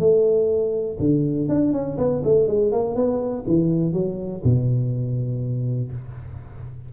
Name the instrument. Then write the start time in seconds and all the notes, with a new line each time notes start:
tuba
0.00 A3
1.00 D3
1.49 D4
1.73 C#4
1.98 B3
2.25 A3
2.47 G#3
2.72 A#3
2.96 B3
3.47 E3
3.93 F#3
4.44 B2